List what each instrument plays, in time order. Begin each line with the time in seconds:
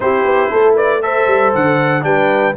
0.00 tuba C4, trombone E4, horn G4, trumpet C5
0.24 tuba B3
0.50 tuba A3, horn A4
0.74 horn B4, trumpet D5
1.02 trombone A4, horn C5, trumpet E5
1.26 tuba G3
1.54 tuba D3, trumpet F#5
2.01 tuba G3, trombone D4, horn B4, trumpet G5